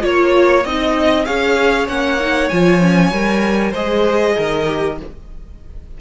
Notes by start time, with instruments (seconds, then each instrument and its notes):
0.00 cello A#3, viola F4, violin C#5
0.64 cello C4, viola D#4, violin D#5
1.25 cello C#4, viola G#4, violin C#5 F5
1.88 cello A#3, viola C#4, violin F#5
2.19 viola D#4
2.49 cello F3, viola F4, violin G#5
2.81 viola C#4
3.11 cello G3, viola A#4
3.71 cello G#3, viola G#4, violin C5 D#5
4.36 cello D#3, violin A#4
4.66 viola G4